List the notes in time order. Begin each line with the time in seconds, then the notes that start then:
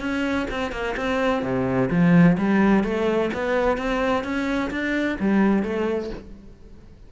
0.00 C#4
0.50 C4
0.71 A#3
0.96 C4
1.42 C3
1.90 F3
2.38 G3
2.84 A3
3.33 B3
3.77 C4
4.23 C#4
4.70 D4
5.19 G3
5.63 A3